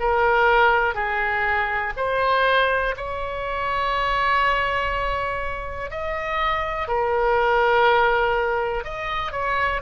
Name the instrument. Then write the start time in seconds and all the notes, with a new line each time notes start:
oboe
0.00 A#4
0.95 G#4
1.97 C5
2.97 C#5
5.91 D#5
6.88 A#4
8.84 D#5
9.32 C#5